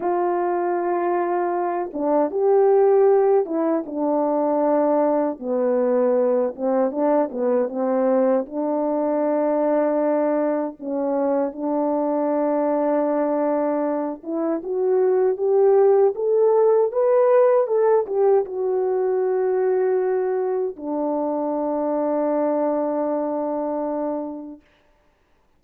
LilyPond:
\new Staff \with { instrumentName = "horn" } { \time 4/4 \tempo 4 = 78 f'2~ f'8 d'8 g'4~ | g'8 e'8 d'2 b4~ | b8 c'8 d'8 b8 c'4 d'4~ | d'2 cis'4 d'4~ |
d'2~ d'8 e'8 fis'4 | g'4 a'4 b'4 a'8 g'8 | fis'2. d'4~ | d'1 | }